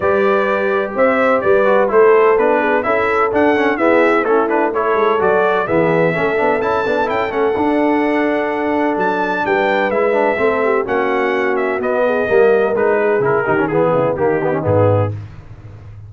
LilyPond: <<
  \new Staff \with { instrumentName = "trumpet" } { \time 4/4 \tempo 4 = 127 d''2 e''4 d''4 | c''4 b'4 e''4 fis''4 | e''4 a'8 b'8 cis''4 d''4 | e''2 a''4 g''8 fis''8~ |
fis''2. a''4 | g''4 e''2 fis''4~ | fis''8 e''8 dis''2 b'4 | ais'4 gis'4 g'4 gis'4 | }
  \new Staff \with { instrumentName = "horn" } { \time 4/4 b'2 c''4 b'4 | a'4. gis'8 a'2 | gis'4 e'4 a'2 | gis'4 a'2.~ |
a'1 | b'2 a'8 g'8 fis'4~ | fis'4. gis'8 ais'4. gis'8~ | gis'8 g'8 gis'8 e'8 dis'2 | }
  \new Staff \with { instrumentName = "trombone" } { \time 4/4 g'2.~ g'8 fis'8 | e'4 d'4 e'4 d'8 cis'8 | b4 cis'8 d'8 e'4 fis'4 | b4 cis'8 d'8 e'8 d'8 e'8 cis'8 |
d'1~ | d'4 e'8 d'8 c'4 cis'4~ | cis'4 b4 ais4 dis'4 | e'8 dis'16 cis'16 b4 ais8 b16 cis'16 b4 | }
  \new Staff \with { instrumentName = "tuba" } { \time 4/4 g2 c'4 g4 | a4 b4 cis'4 d'4 | e'4 a4. gis8 fis4 | e4 a8 b8 cis'8 b8 cis'8 a8 |
d'2. fis4 | g4 gis4 a4 ais4~ | ais4 b4 g4 gis4 | cis8 dis8 e8 cis8 dis4 gis,4 | }
>>